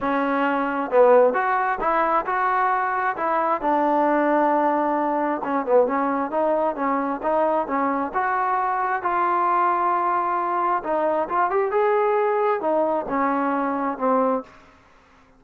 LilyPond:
\new Staff \with { instrumentName = "trombone" } { \time 4/4 \tempo 4 = 133 cis'2 b4 fis'4 | e'4 fis'2 e'4 | d'1 | cis'8 b8 cis'4 dis'4 cis'4 |
dis'4 cis'4 fis'2 | f'1 | dis'4 f'8 g'8 gis'2 | dis'4 cis'2 c'4 | }